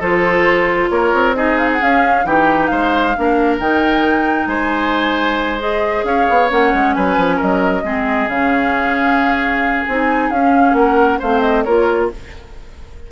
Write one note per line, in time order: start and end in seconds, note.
0.00 0.90 F3
0.00 1.35 F4
0.00 0.90 A4
0.00 0.90 C5
0.90 1.13 A#3
0.90 1.36 A#4
0.90 1.35 C#5
1.13 1.80 C4
1.35 1.80 D#4
1.35 2.26 G#4
1.35 1.58 D#5
1.58 1.69 F5
1.72 1.83 F#5
1.80 2.24 C#4
1.80 2.25 C#4
1.80 2.26 F5
2.24 2.69 E3
2.24 3.14 D#4
2.24 2.71 G4
2.24 2.67 G5
2.67 3.16 G#3
2.67 3.16 C5
2.67 3.56 F5
3.17 3.59 A#3
3.17 3.61 D4
3.17 4.49 A#4
3.59 4.47 D#3
3.59 5.59 D#4
3.59 4.48 G5
4.47 6.03 G#3
4.47 6.05 C5
4.47 5.60 G#5
5.59 6.49 G#4
5.59 6.05 D#5
6.04 6.26 C#4
6.04 6.95 C#5
6.04 6.50 F5
6.29 6.51 B3
6.50 6.73 A#3
6.50 7.84 C#4
6.50 6.94 F#5
6.74 6.96 G#3
6.94 7.17 F#3
6.94 7.36 B4
6.94 7.39 G#5
7.17 7.40 F3
7.36 7.81 A#4
7.36 8.28 D#5
7.42 7.84 F#3
7.84 8.28 G#3
7.84 8.29 C4
7.84 10.76 G#4
8.28 9.84 C#3
8.28 9.87 C#4
8.28 9.85 F5
9.85 10.30 C4
9.85 10.34 D#4
9.85 10.30 G#5
10.30 10.73 C#4
10.30 11.22 C#4
10.30 10.74 F5
10.73 11.18 A#3
10.73 11.19 A#4
10.73 11.19 F#5
11.19 11.67 A3
11.19 11.67 C4
11.19 11.64 C5
11.19 11.41 F5
11.41 11.63 D#5
11.63 12.11 A#3
11.63 12.11 F4
11.63 12.09 A#4
11.63 12.08 C#5